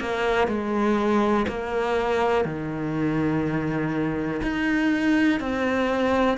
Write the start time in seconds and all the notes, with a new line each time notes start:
0.00 A#3
0.47 G#3
1.48 A#3
2.45 D#3
4.42 D#4
5.40 C4